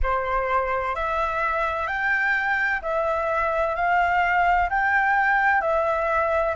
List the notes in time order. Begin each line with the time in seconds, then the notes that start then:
0.03 C5
0.95 E5
1.87 G5
2.82 E5
3.75 F5
4.69 G5
5.61 E5